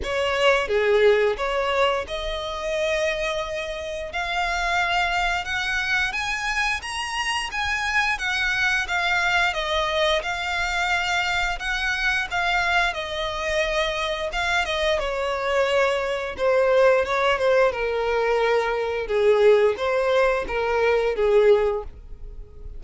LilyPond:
\new Staff \with { instrumentName = "violin" } { \time 4/4 \tempo 4 = 88 cis''4 gis'4 cis''4 dis''4~ | dis''2 f''2 | fis''4 gis''4 ais''4 gis''4 | fis''4 f''4 dis''4 f''4~ |
f''4 fis''4 f''4 dis''4~ | dis''4 f''8 dis''8 cis''2 | c''4 cis''8 c''8 ais'2 | gis'4 c''4 ais'4 gis'4 | }